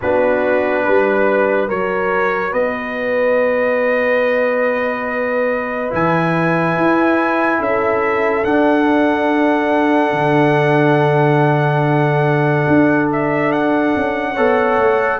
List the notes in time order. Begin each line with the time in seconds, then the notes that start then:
0.01 B3 D4 F#4 B4
0.83 G3 B4
1.68 F#3 F#4 A#4 C#5
2.51 B3 B4 D#5
5.90 E3 E4 G#5
6.77 E4
7.58 C#4 A4 E5
8.44 D4 F#5
10.12 D3
12.67 D4
13.11 E5
13.52 F#5
13.96 C#4
14.33 B3 A4 C#5
14.77 A3